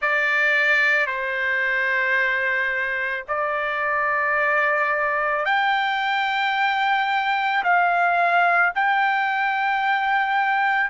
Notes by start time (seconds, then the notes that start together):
0.01 D5
1.06 C5
3.27 D5
5.45 G5
7.63 F5
8.75 G5